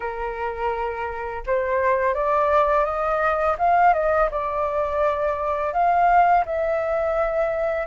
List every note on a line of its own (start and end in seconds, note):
0.00 1.43 A#4
1.46 2.14 C5
2.14 2.84 D5
2.84 3.56 D#5
3.58 3.93 F5
3.93 4.29 D#5
4.30 5.73 D5
5.73 6.44 F5
6.45 7.87 E5